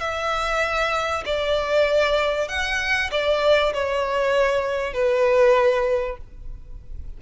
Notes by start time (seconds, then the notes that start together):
0.00 E5
1.25 D5
2.48 F#5
3.11 D5
3.73 C#5
4.94 B4